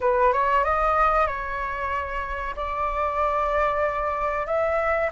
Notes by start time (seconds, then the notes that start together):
0.01 B4
0.32 C#5
0.64 D#5
1.26 C#5
2.56 D5
4.46 E5